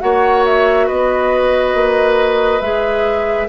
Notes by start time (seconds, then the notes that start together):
0.00 A#3 F#4 C#5 F#5
0.45 E5
0.87 B3 B4 D#5
1.74 A#3
2.61 G#3 G#4 E5